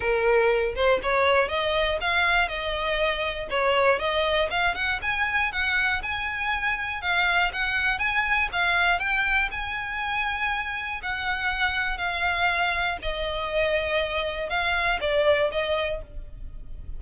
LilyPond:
\new Staff \with { instrumentName = "violin" } { \time 4/4 \tempo 4 = 120 ais'4. c''8 cis''4 dis''4 | f''4 dis''2 cis''4 | dis''4 f''8 fis''8 gis''4 fis''4 | gis''2 f''4 fis''4 |
gis''4 f''4 g''4 gis''4~ | gis''2 fis''2 | f''2 dis''2~ | dis''4 f''4 d''4 dis''4 | }